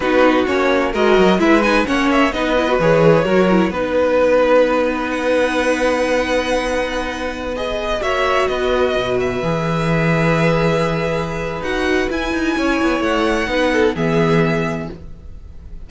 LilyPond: <<
  \new Staff \with { instrumentName = "violin" } { \time 4/4 \tempo 4 = 129 b'4 cis''4 dis''4 e''8 gis''8 | fis''8 e''8 dis''4 cis''2 | b'2. fis''4~ | fis''1~ |
fis''16 dis''4 e''4 dis''4. e''16~ | e''1~ | e''4 fis''4 gis''2 | fis''2 e''2 | }
  \new Staff \with { instrumentName = "violin" } { \time 4/4 fis'2 ais'4 b'4 | cis''4 b'2 ais'4 | b'1~ | b'1~ |
b'4~ b'16 cis''4 b'4.~ b'16~ | b'1~ | b'2. cis''4~ | cis''4 b'8 a'8 gis'2 | }
  \new Staff \with { instrumentName = "viola" } { \time 4/4 dis'4 cis'4 fis'4 e'8 dis'8 | cis'4 dis'8 e'16 fis'16 gis'4 fis'8 e'8 | dis'1~ | dis'1~ |
dis'16 gis'4 fis'2~ fis'8.~ | fis'16 gis'2.~ gis'8.~ | gis'4 fis'4 e'2~ | e'4 dis'4 b2 | }
  \new Staff \with { instrumentName = "cello" } { \time 4/4 b4 ais4 gis8 fis8 gis4 | ais4 b4 e4 fis4 | b1~ | b1~ |
b4~ b16 ais4 b4 b,8.~ | b,16 e2.~ e8.~ | e4 dis'4 e'8 dis'8 cis'8 b8 | a4 b4 e2 | }
>>